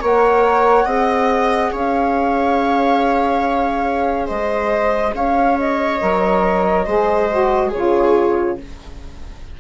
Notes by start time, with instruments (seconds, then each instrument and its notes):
0.00 bassoon A#3, saxophone A#4, viola C#5, flute F#5
0.84 bassoon C4, saxophone G#4, viola D#5
1.72 bassoon C#4, viola C#5, flute F5
4.27 bassoon G#3, viola C5, flute D#5
5.13 bassoon C#4, viola C#5, flute F5
5.59 flute D#5
6.01 bassoon F#3, saxophone A#4
6.86 bassoon G#3, saxophone G#4, viola C5
7.30 saxophone F#4
7.68 viola G#4, flute C#5
7.74 bassoon C#3, saxophone F4